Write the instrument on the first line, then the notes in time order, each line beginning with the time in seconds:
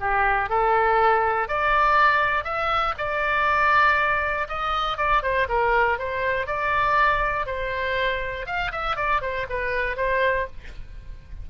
oboe
0.00 G4
0.50 A4
1.48 D5
2.44 E5
2.98 D5
4.48 D#5
4.97 D5
5.22 C5
5.49 A#4
5.99 C5
6.47 D5
7.46 C5
8.46 F5
8.72 E5
8.96 D5
9.21 C5
9.50 B4
9.97 C5